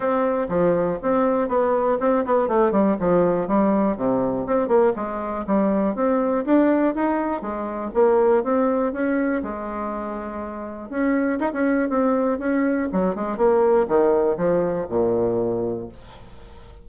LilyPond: \new Staff \with { instrumentName = "bassoon" } { \time 4/4 \tempo 4 = 121 c'4 f4 c'4 b4 | c'8 b8 a8 g8 f4 g4 | c4 c'8 ais8 gis4 g4 | c'4 d'4 dis'4 gis4 |
ais4 c'4 cis'4 gis4~ | gis2 cis'4 dis'16 cis'8. | c'4 cis'4 fis8 gis8 ais4 | dis4 f4 ais,2 | }